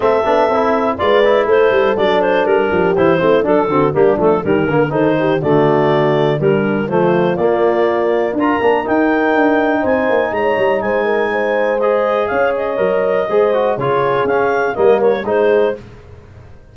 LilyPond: <<
  \new Staff \with { instrumentName = "clarinet" } { \time 4/4 \tempo 4 = 122 e''2 d''4 c''4 | d''8 c''8 ais'4 c''4 a'4 | g'8 a'8 ais'4 c''4 d''4~ | d''4 ais'4 c''4 d''4~ |
d''4 ais''4 g''2 | gis''4 ais''4 gis''2 | dis''4 f''8 dis''2~ dis''8 | cis''4 f''4 dis''8 cis''8 c''4 | }
  \new Staff \with { instrumentName = "horn" } { \time 4/4 a'2 b'4 a'4~ | a'4. g'4 e'8 d'8 fis'8 | d'4 g'8 ais'8 a'8 g'8 fis'4~ | fis'4 d'4 f'2~ |
f'4 ais'2. | c''4 cis''4 c''8 ais'8 c''4~ | c''4 cis''2 c''4 | gis'2 ais'4 gis'4 | }
  \new Staff \with { instrumentName = "trombone" } { \time 4/4 c'8 d'8 e'4 f'8 e'4. | d'2 e'8 c'8 d'8 c'8 | ais8 a8 g8 ais8 dis'4 a4~ | a4 g4 a4 ais4~ |
ais4 f'8 d'8 dis'2~ | dis'1 | gis'2 ais'4 gis'8 fis'8 | f'4 cis'4 ais4 dis'4 | }
  \new Staff \with { instrumentName = "tuba" } { \time 4/4 a8 b8 c'4 gis4 a8 g8 | fis4 g8 f8 e8 a8 fis8 d8 | g8 f8 dis8 d8 dis4 d4~ | d4 g4 f4 ais4~ |
ais4 d'8 ais8 dis'4 d'4 | c'8 ais8 gis8 g8 gis2~ | gis4 cis'4 fis4 gis4 | cis4 cis'4 g4 gis4 | }
>>